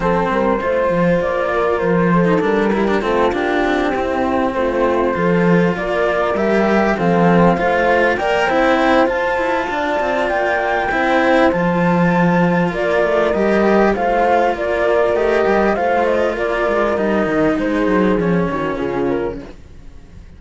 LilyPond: <<
  \new Staff \with { instrumentName = "flute" } { \time 4/4 \tempo 4 = 99 c''2 d''4 c''4 | ais'4 a'8 g'2 c''8~ | c''4. d''4 e''4 f''8~ | f''4. g''4. a''4~ |
a''4 g''2 a''4~ | a''4 d''4 dis''4 f''4 | d''4 dis''4 f''8 dis''8 d''4 | dis''4 c''4 cis''4 gis'8 ais'8 | }
  \new Staff \with { instrumentName = "horn" } { \time 4/4 a'8 ais'8 c''4. ais'4 a'8~ | a'8 g'8 f'4. e'4 f'8~ | f'8 a'4 ais'2 a'8~ | a'8 c''4 d''8 c''2 |
d''2 c''2~ | c''4 ais'2 c''4 | ais'2 c''4 ais'4~ | ais'4 gis'4. fis'8 f'4 | }
  \new Staff \with { instrumentName = "cello" } { \time 4/4 c'4 f'2~ f'8. dis'16 | d'8 e'16 d'16 c'8 d'4 c'4.~ | c'8 f'2 g'4 c'8~ | c'8 f'4 ais'8 e'4 f'4~ |
f'2 e'4 f'4~ | f'2 g'4 f'4~ | f'4 g'4 f'2 | dis'2 cis'2 | }
  \new Staff \with { instrumentName = "cello" } { \time 4/4 f8 g8 a8 f8 ais4 f4 | g4 a8 ais8 c'4. a8~ | a8 f4 ais4 g4 f8~ | f8 a4 ais8 c'4 f'8 e'8 |
d'8 c'8 ais4 c'4 f4~ | f4 ais8 a8 g4 a4 | ais4 a8 g8 a4 ais8 gis8 | g8 dis8 gis8 fis8 f8 dis8 cis4 | }
>>